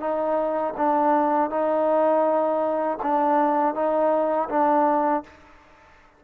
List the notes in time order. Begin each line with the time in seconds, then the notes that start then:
0.00 D#4
0.77 D4
1.50 D#4
3.03 D4
3.75 D#4
4.49 D4